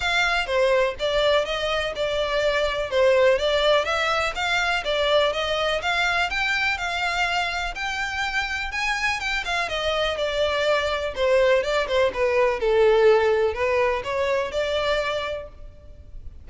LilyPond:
\new Staff \with { instrumentName = "violin" } { \time 4/4 \tempo 4 = 124 f''4 c''4 d''4 dis''4 | d''2 c''4 d''4 | e''4 f''4 d''4 dis''4 | f''4 g''4 f''2 |
g''2 gis''4 g''8 f''8 | dis''4 d''2 c''4 | d''8 c''8 b'4 a'2 | b'4 cis''4 d''2 | }